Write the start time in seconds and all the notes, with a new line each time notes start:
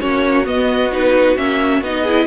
0.00 A#3 C#4 F#4 C#5
0.45 B3 D#5
0.92 D#4 B4
1.37 A#3 C#4 E5
1.81 B3 D#4 D#5
2.03 E4 G#4